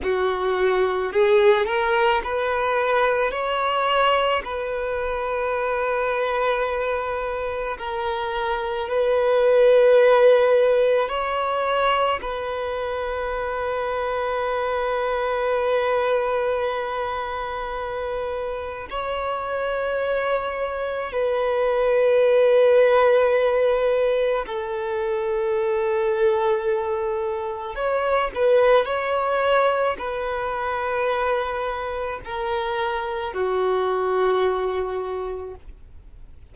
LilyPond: \new Staff \with { instrumentName = "violin" } { \time 4/4 \tempo 4 = 54 fis'4 gis'8 ais'8 b'4 cis''4 | b'2. ais'4 | b'2 cis''4 b'4~ | b'1~ |
b'4 cis''2 b'4~ | b'2 a'2~ | a'4 cis''8 b'8 cis''4 b'4~ | b'4 ais'4 fis'2 | }